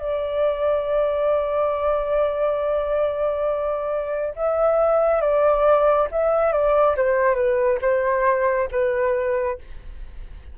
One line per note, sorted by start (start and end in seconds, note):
0.00 4.35 D5
4.36 5.22 E5
5.22 6.09 D5
6.12 6.53 E5
6.53 6.96 D5
6.97 7.36 C5
7.36 7.79 B4
7.82 8.69 C5
8.72 9.59 B4